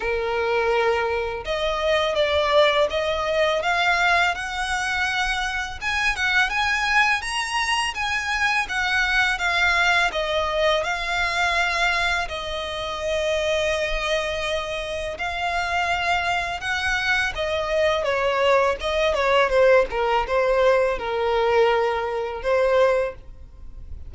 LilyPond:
\new Staff \with { instrumentName = "violin" } { \time 4/4 \tempo 4 = 83 ais'2 dis''4 d''4 | dis''4 f''4 fis''2 | gis''8 fis''8 gis''4 ais''4 gis''4 | fis''4 f''4 dis''4 f''4~ |
f''4 dis''2.~ | dis''4 f''2 fis''4 | dis''4 cis''4 dis''8 cis''8 c''8 ais'8 | c''4 ais'2 c''4 | }